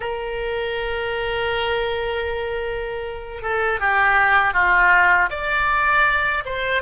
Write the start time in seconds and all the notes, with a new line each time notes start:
0.00 A#4
3.42 A4
3.80 G4
4.53 F4
5.30 D5
6.45 C5